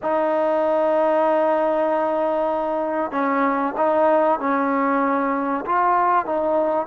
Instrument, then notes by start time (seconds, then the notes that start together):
trombone
0.02 D#4
3.11 C#4
3.77 D#4
4.39 C#4
5.65 F4
6.25 D#4